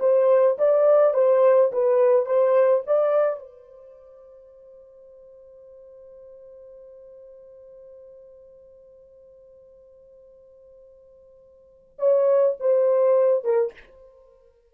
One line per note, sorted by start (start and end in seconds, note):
0.00 0.57 C5
0.59 1.14 D5
1.14 1.71 C5
1.72 2.26 B4
2.26 2.83 C5
2.87 3.39 D5
3.39 11.97 C5
11.99 12.56 C#5
12.60 13.45 C5
13.45 13.73 A#4